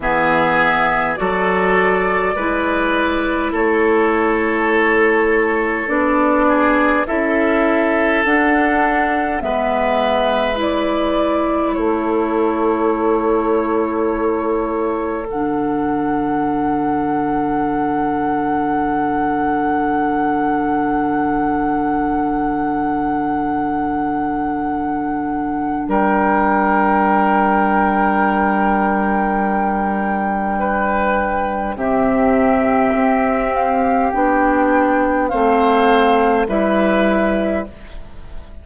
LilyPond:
<<
  \new Staff \with { instrumentName = "flute" } { \time 4/4 \tempo 4 = 51 e''4 d''2 cis''4~ | cis''4 d''4 e''4 fis''4 | e''4 d''4 cis''2~ | cis''4 fis''2.~ |
fis''1~ | fis''2 g''2~ | g''2. e''4~ | e''8 f''8 g''4 f''4 e''4 | }
  \new Staff \with { instrumentName = "oboe" } { \time 4/4 gis'4 a'4 b'4 a'4~ | a'4. gis'8 a'2 | b'2 a'2~ | a'1~ |
a'1~ | a'2 ais'2~ | ais'2 b'4 g'4~ | g'2 c''4 b'4 | }
  \new Staff \with { instrumentName = "clarinet" } { \time 4/4 b4 fis'4 e'2~ | e'4 d'4 e'4 d'4 | b4 e'2.~ | e'4 d'2.~ |
d'1~ | d'1~ | d'2. c'4~ | c'4 d'4 c'4 e'4 | }
  \new Staff \with { instrumentName = "bassoon" } { \time 4/4 e4 fis4 gis4 a4~ | a4 b4 cis'4 d'4 | gis2 a2~ | a4 d2.~ |
d1~ | d2 g2~ | g2. c4 | c'4 b4 a4 g4 | }
>>